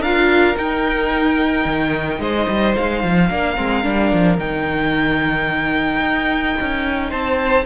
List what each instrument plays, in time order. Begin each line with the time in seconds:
0.00 cello D4, viola F4, violin A#4 F5
0.55 viola D#4, cello D#4, violin G5
1.64 cello D#3
2.19 cello G#3, violin C5 D#5
2.48 cello G3
2.75 cello G#3, violin F5
3.03 cello F3
3.28 cello A#3, viola D4, violin A#4
3.55 cello G#3, viola C4
3.83 cello G3, viola D4
4.12 cello F3
4.37 cello D#3, viola D#4, violin G5
6.00 cello D#4
6.60 cello C#4
7.09 cello C4, violin C5 A5